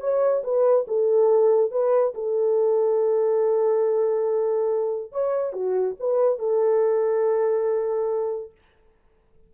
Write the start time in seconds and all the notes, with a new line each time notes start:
0.00 C#5
0.43 B4
0.87 A4
1.71 B4
2.14 A4
5.12 C#5
5.53 F#4
5.99 B4
6.38 A4